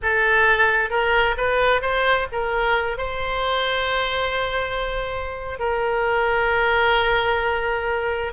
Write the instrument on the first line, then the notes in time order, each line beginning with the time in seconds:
oboe
0.02 A4
0.90 A#4
1.37 B4
1.81 C5
2.32 A#4
2.97 C5
5.59 A#4